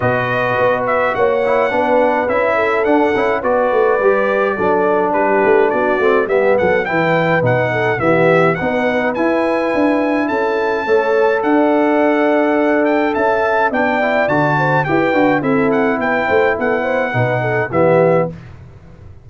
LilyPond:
<<
  \new Staff \with { instrumentName = "trumpet" } { \time 4/4 \tempo 4 = 105 dis''4. e''8 fis''2 | e''4 fis''4 d''2~ | d''4 b'4 d''4 e''8 fis''8 | g''4 fis''4 e''4 fis''4 |
gis''2 a''2 | fis''2~ fis''8 g''8 a''4 | g''4 a''4 g''4 e''8 fis''8 | g''4 fis''2 e''4 | }
  \new Staff \with { instrumentName = "horn" } { \time 4/4 b'2 cis''4 b'4~ | b'8 a'4. b'2 | a'4 g'4 fis'4 g'8 a'8 | b'4. a'8 g'4 b'4~ |
b'2 a'4 cis''4 | d''2. e''4 | d''4. c''8 b'4 a'4 | b'8 c''8 a'8 c''8 b'8 a'8 g'4 | }
  \new Staff \with { instrumentName = "trombone" } { \time 4/4 fis'2~ fis'8 e'8 d'4 | e'4 d'8 e'8 fis'4 g'4 | d'2~ d'8 c'8 b4 | e'4 dis'4 b4 dis'4 |
e'2. a'4~ | a'1 | d'8 e'8 fis'4 g'8 fis'8 e'4~ | e'2 dis'4 b4 | }
  \new Staff \with { instrumentName = "tuba" } { \time 4/4 b,4 b4 ais4 b4 | cis'4 d'8 cis'8 b8 a8 g4 | fis4 g8 a8 b8 a8 g8 fis8 | e4 b,4 e4 b4 |
e'4 d'4 cis'4 a4 | d'2. cis'4 | b4 d4 e'8 d'8 c'4 | b8 a8 b4 b,4 e4 | }
>>